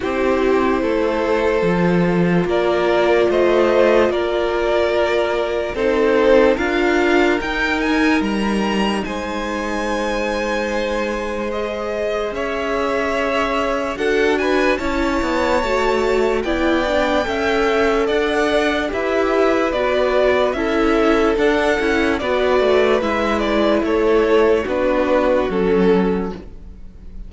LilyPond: <<
  \new Staff \with { instrumentName = "violin" } { \time 4/4 \tempo 4 = 73 c''2. d''4 | dis''4 d''2 c''4 | f''4 g''8 gis''8 ais''4 gis''4~ | gis''2 dis''4 e''4~ |
e''4 fis''8 gis''8 a''2 | g''2 fis''4 e''4 | d''4 e''4 fis''4 d''4 | e''8 d''8 cis''4 b'4 a'4 | }
  \new Staff \with { instrumentName = "violin" } { \time 4/4 g'4 a'2 ais'4 | c''4 ais'2 a'4 | ais'2. c''4~ | c''2. cis''4~ |
cis''4 a'8 b'8 cis''2 | d''4 e''4 d''4 b'4~ | b'4 a'2 b'4~ | b'4 a'4 fis'2 | }
  \new Staff \with { instrumentName = "viola" } { \time 4/4 e'2 f'2~ | f'2. dis'4 | f'4 dis'2.~ | dis'2 gis'2~ |
gis'4 fis'4 e'4 fis'4 | e'8 d'8 a'2 g'4 | fis'4 e'4 d'8 e'8 fis'4 | e'2 d'4 cis'4 | }
  \new Staff \with { instrumentName = "cello" } { \time 4/4 c'4 a4 f4 ais4 | a4 ais2 c'4 | d'4 dis'4 g4 gis4~ | gis2. cis'4~ |
cis'4 d'4 cis'8 b8 a4 | b4 cis'4 d'4 e'4 | b4 cis'4 d'8 cis'8 b8 a8 | gis4 a4 b4 fis4 | }
>>